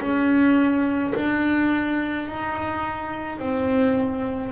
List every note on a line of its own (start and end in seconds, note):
0.00 1.13 C#4
1.15 2.27 D4
2.27 3.39 D#4
3.39 4.51 C4